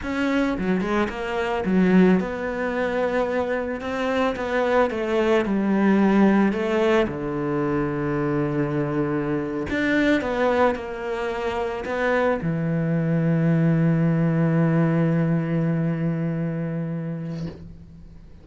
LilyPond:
\new Staff \with { instrumentName = "cello" } { \time 4/4 \tempo 4 = 110 cis'4 fis8 gis8 ais4 fis4 | b2. c'4 | b4 a4 g2 | a4 d2.~ |
d4.~ d16 d'4 b4 ais16~ | ais4.~ ais16 b4 e4~ e16~ | e1~ | e1 | }